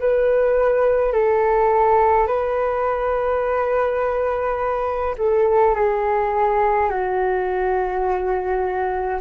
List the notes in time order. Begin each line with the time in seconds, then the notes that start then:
0.00 B4
1.13 A4
2.27 B4
5.18 A4
5.75 G#4
6.90 F#4